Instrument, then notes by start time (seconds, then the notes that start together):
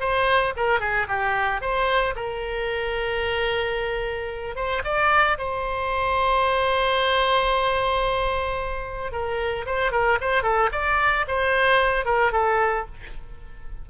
oboe
0.00 C5
0.56 A#4
0.80 G#4
1.08 G4
1.61 C5
2.15 A#4
4.55 C5
4.84 D5
5.38 C5
9.12 A#4
9.66 C5
9.91 A#4
10.21 C5
10.43 A4
10.72 D5
11.27 C5
12.05 A#4
12.32 A4